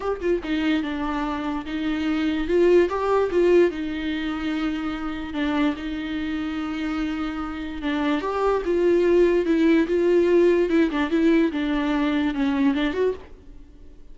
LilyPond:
\new Staff \with { instrumentName = "viola" } { \time 4/4 \tempo 4 = 146 g'8 f'8 dis'4 d'2 | dis'2 f'4 g'4 | f'4 dis'2.~ | dis'4 d'4 dis'2~ |
dis'2. d'4 | g'4 f'2 e'4 | f'2 e'8 d'8 e'4 | d'2 cis'4 d'8 fis'8 | }